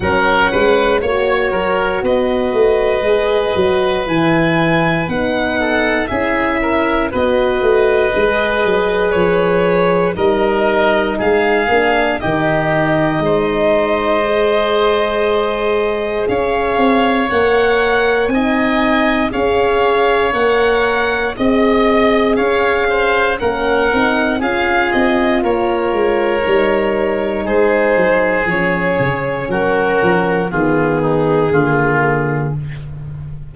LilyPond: <<
  \new Staff \with { instrumentName = "violin" } { \time 4/4 \tempo 4 = 59 fis''4 cis''4 dis''2 | gis''4 fis''4 e''4 dis''4~ | dis''4 cis''4 dis''4 f''4 | dis''1 |
f''4 fis''4 gis''4 f''4 | fis''4 dis''4 f''4 fis''4 | f''8 dis''8 cis''2 c''4 | cis''4 ais'4 gis'2 | }
  \new Staff \with { instrumentName = "oboe" } { \time 4/4 ais'8 b'8 cis''8 ais'8 b'2~ | b'4. a'8 gis'8 ais'8 b'4~ | b'2 ais'4 gis'4 | g'4 c''2. |
cis''2 dis''4 cis''4~ | cis''4 dis''4 cis''8 c''8 ais'4 | gis'4 ais'2 gis'4~ | gis'4 fis'4 f'8 dis'8 f'4 | }
  \new Staff \with { instrumentName = "horn" } { \time 4/4 cis'4 fis'2 gis'8 fis'8 | e'4 dis'4 e'4 fis'4 | gis'2 dis'4. d'8 | dis'2 gis'2~ |
gis'4 ais'4 dis'4 gis'4 | ais'4 gis'2 cis'8 dis'8 | f'2 dis'2 | cis'2 b4 ais4 | }
  \new Staff \with { instrumentName = "tuba" } { \time 4/4 fis8 gis8 ais8 fis8 b8 a8 gis8 fis8 | e4 b4 cis'4 b8 a8 | gis8 fis8 f4 g4 gis8 ais8 | dis4 gis2. |
cis'8 c'8 ais4 c'4 cis'4 | ais4 c'4 cis'4 ais8 c'8 | cis'8 c'8 ais8 gis8 g4 gis8 fis8 | f8 cis8 fis8 f8 dis4 d4 | }
>>